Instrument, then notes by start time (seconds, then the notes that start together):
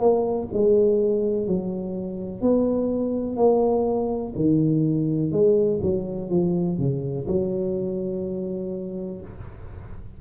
tuba
0.00 A#3
0.54 G#3
1.48 F#3
2.42 B3
3.37 A#3
4.36 D#3
5.32 G#3
5.83 F#3
6.30 F3
6.79 C#3
7.28 F#3